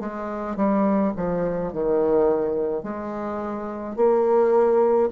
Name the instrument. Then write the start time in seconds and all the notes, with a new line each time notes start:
bassoon
0.00 G#3
0.57 G3
1.17 F3
1.73 D#3
2.84 G#3
3.97 A#3